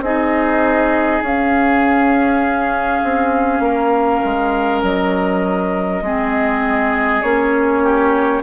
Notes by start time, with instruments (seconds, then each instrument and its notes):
0.00 bassoon C4, clarinet D#4, oboe G#4, flute D#5
1.22 bassoon C#4, clarinet C#4, flute F5
3.03 bassoon C4
3.60 bassoon A#3, oboe A#4
4.25 bassoon G#3
4.82 bassoon F#3, flute D#5
6.02 bassoon G#3, clarinet C4, oboe G#4
7.22 bassoon A#3, clarinet C#4, flute C#5
7.83 oboe G4